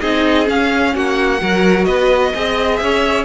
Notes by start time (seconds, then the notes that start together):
0.00 C4 D#4 G#4 D#5
0.45 C#4 F5
0.94 A#3 F#4 F#5
1.41 F#3 F#4 A#4
1.84 B3 B4 D#5
2.33 C4 G#4 D#5
2.76 C#4 E5
2.83 C#5